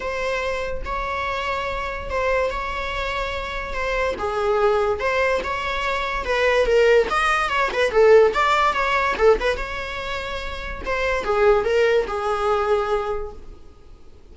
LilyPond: \new Staff \with { instrumentName = "viola" } { \time 4/4 \tempo 4 = 144 c''2 cis''2~ | cis''4 c''4 cis''2~ | cis''4 c''4 gis'2 | c''4 cis''2 b'4 |
ais'4 dis''4 cis''8 b'8 a'4 | d''4 cis''4 a'8 b'8 cis''4~ | cis''2 c''4 gis'4 | ais'4 gis'2. | }